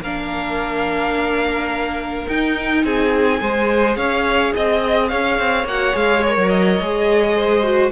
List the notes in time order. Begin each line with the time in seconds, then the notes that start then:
0.00 A#3 D4 A#4 F5
2.27 D#4 G5
2.84 C4 G#4 G#5
3.38 G#3 G#4 C5
3.96 C#4 C#5 F5
4.54 C4 D#5
5.09 C#4 C#5 F5
5.39 C4
5.64 A#3 F#4 F#5
5.92 G#3 G#4 F5
6.23 A#4 C#5
6.37 F#3
6.48 D#5
6.80 G#3 G#4
7.35 C5
7.63 F#4